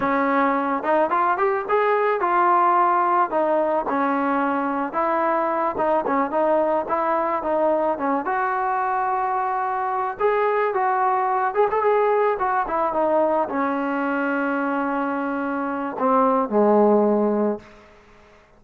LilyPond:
\new Staff \with { instrumentName = "trombone" } { \time 4/4 \tempo 4 = 109 cis'4. dis'8 f'8 g'8 gis'4 | f'2 dis'4 cis'4~ | cis'4 e'4. dis'8 cis'8 dis'8~ | dis'8 e'4 dis'4 cis'8 fis'4~ |
fis'2~ fis'8 gis'4 fis'8~ | fis'4 gis'16 a'16 gis'4 fis'8 e'8 dis'8~ | dis'8 cis'2.~ cis'8~ | cis'4 c'4 gis2 | }